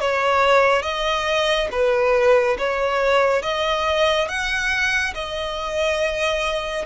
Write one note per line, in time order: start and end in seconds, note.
0.00 0.82 C#5
0.82 1.68 D#5
1.71 2.57 B4
2.58 3.42 C#5
3.42 4.28 D#5
4.28 5.14 F#5
5.14 6.85 D#5